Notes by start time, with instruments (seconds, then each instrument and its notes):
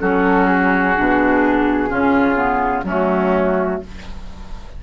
0.00 bassoon F#3, clarinet C#4, oboe F#4, flute A4
0.46 flute G#4
0.96 bassoon B2, clarinet D4
1.90 bassoon C#3, clarinet C#4, oboe F4
2.36 clarinet B3
2.84 bassoon F#3, clarinet A3, oboe C#4, flute F#4